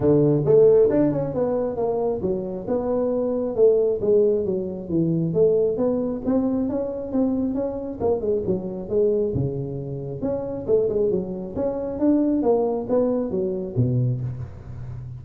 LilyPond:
\new Staff \with { instrumentName = "tuba" } { \time 4/4 \tempo 4 = 135 d4 a4 d'8 cis'8 b4 | ais4 fis4 b2 | a4 gis4 fis4 e4 | a4 b4 c'4 cis'4 |
c'4 cis'4 ais8 gis8 fis4 | gis4 cis2 cis'4 | a8 gis8 fis4 cis'4 d'4 | ais4 b4 fis4 b,4 | }